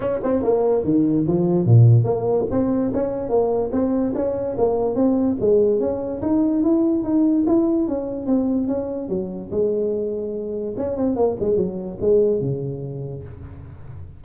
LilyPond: \new Staff \with { instrumentName = "tuba" } { \time 4/4 \tempo 4 = 145 cis'8 c'8 ais4 dis4 f4 | ais,4 ais4 c'4 cis'4 | ais4 c'4 cis'4 ais4 | c'4 gis4 cis'4 dis'4 |
e'4 dis'4 e'4 cis'4 | c'4 cis'4 fis4 gis4~ | gis2 cis'8 c'8 ais8 gis8 | fis4 gis4 cis2 | }